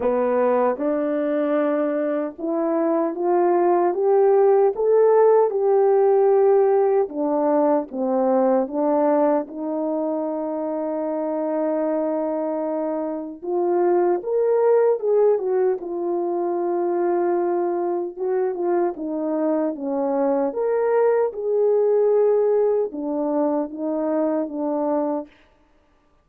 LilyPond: \new Staff \with { instrumentName = "horn" } { \time 4/4 \tempo 4 = 76 b4 d'2 e'4 | f'4 g'4 a'4 g'4~ | g'4 d'4 c'4 d'4 | dis'1~ |
dis'4 f'4 ais'4 gis'8 fis'8 | f'2. fis'8 f'8 | dis'4 cis'4 ais'4 gis'4~ | gis'4 d'4 dis'4 d'4 | }